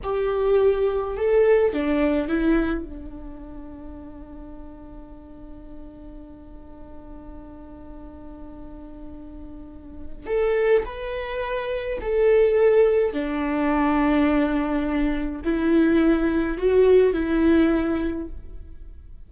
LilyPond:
\new Staff \with { instrumentName = "viola" } { \time 4/4 \tempo 4 = 105 g'2 a'4 d'4 | e'4 d'2.~ | d'1~ | d'1~ |
d'2 a'4 b'4~ | b'4 a'2 d'4~ | d'2. e'4~ | e'4 fis'4 e'2 | }